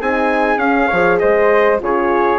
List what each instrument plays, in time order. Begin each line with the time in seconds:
0.00 bassoon C4, horn D#4, flute G#4, trumpet G#5
0.56 bassoon C#4, horn C#4, trumpet F5
0.87 bassoon F3, horn G#4, flute C#5
1.18 bassoon G#3, flute C5, trumpet D#5
1.79 bassoon C#3, horn F4, flute G#4, trumpet C#5